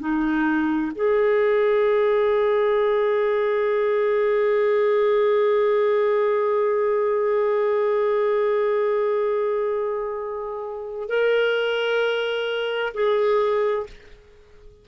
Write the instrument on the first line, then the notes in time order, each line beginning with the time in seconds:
clarinet
0.00 D#4
0.96 G#4
11.09 A#4
12.94 G#4